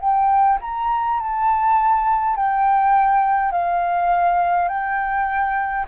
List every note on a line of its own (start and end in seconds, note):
0.00 0.59 G5
0.61 1.20 A#5
1.20 2.36 A5
2.36 3.52 G5
3.52 4.68 F5
4.68 5.86 G5